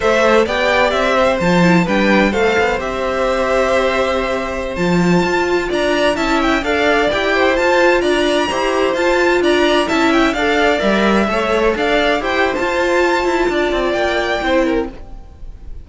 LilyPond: <<
  \new Staff \with { instrumentName = "violin" } { \time 4/4 \tempo 4 = 129 e''4 g''4 e''4 a''4 | g''4 f''4 e''2~ | e''2~ e''16 a''4.~ a''16~ | a''16 ais''4 a''8 g''8 f''4 g''8.~ |
g''16 a''4 ais''2 a''8.~ | a''16 ais''4 a''8 g''8 f''4 e''8.~ | e''4~ e''16 f''4 g''8. a''4~ | a''2 g''2 | }
  \new Staff \with { instrumentName = "violin" } { \time 4/4 c''4 d''4. c''4. | b'4 c''2.~ | c''1~ | c''16 d''4 e''4 d''4. c''16~ |
c''4~ c''16 d''4 c''4.~ c''16~ | c''16 d''4 e''4 d''4.~ d''16~ | d''16 cis''4 d''4 c''4.~ c''16~ | c''4 d''2 c''8 ais'8 | }
  \new Staff \with { instrumentName = "viola" } { \time 4/4 a'4 g'2 f'8 e'8 | d'4 a'4 g'2~ | g'2~ g'16 f'4.~ f'16~ | f'4~ f'16 e'4 a'4 g'8.~ |
g'16 f'2 g'4 f'8.~ | f'4~ f'16 e'4 a'4 ais'8.~ | ais'16 a'2 g'8. f'4~ | f'2. e'4 | }
  \new Staff \with { instrumentName = "cello" } { \time 4/4 a4 b4 c'4 f4 | g4 a8 b8 c'2~ | c'2~ c'16 f4 f'8.~ | f'16 d'4 cis'4 d'4 e'8.~ |
e'16 f'4 d'4 e'4 f'8.~ | f'16 d'4 cis'4 d'4 g8.~ | g16 a4 d'4 e'8. f'4~ | f'8 e'8 d'8 c'8 ais4 c'4 | }
>>